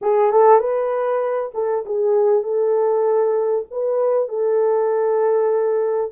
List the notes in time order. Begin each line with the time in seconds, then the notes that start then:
0.01 G#4
0.32 A4
0.59 B4
1.54 A4
1.85 G#4
2.43 A4
3.70 B4
4.28 A4